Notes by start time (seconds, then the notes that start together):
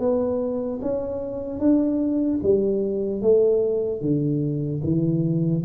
0.00 B3
0.82 C#4
1.60 D4
2.43 G3
3.22 A3
4.01 D3
4.84 E3